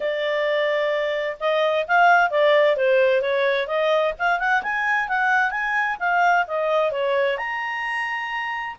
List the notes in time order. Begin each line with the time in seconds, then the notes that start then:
0.00 D5
1.40 D#5
1.87 F5
2.30 D5
2.76 C5
3.21 C#5
3.67 D#5
4.18 F5
4.39 F#5
4.62 G#5
5.08 F#5
5.50 G#5
5.99 F5
6.47 D#5
6.91 C#5
7.37 A#5